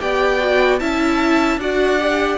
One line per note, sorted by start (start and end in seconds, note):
0.00 0.81 B3
0.00 0.39 G4
0.00 0.80 D5
0.00 0.79 G5
0.39 0.79 F#4
0.79 1.58 C#4
0.79 1.60 E4
0.79 1.60 E5
0.79 1.59 A5
1.58 2.38 D4
1.58 1.99 F#4
1.58 2.38 D5
1.58 2.38 F#5
1.99 2.38 G4